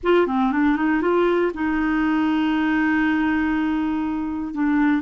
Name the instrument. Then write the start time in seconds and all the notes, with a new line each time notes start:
clarinet
0.03 F4
0.27 C4
0.52 D4
0.76 D#4
1.01 F4
1.54 D#4
4.54 D4